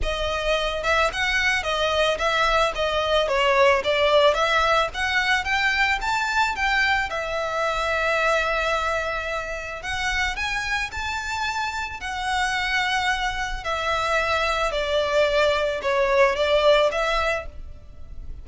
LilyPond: \new Staff \with { instrumentName = "violin" } { \time 4/4 \tempo 4 = 110 dis''4. e''8 fis''4 dis''4 | e''4 dis''4 cis''4 d''4 | e''4 fis''4 g''4 a''4 | g''4 e''2.~ |
e''2 fis''4 gis''4 | a''2 fis''2~ | fis''4 e''2 d''4~ | d''4 cis''4 d''4 e''4 | }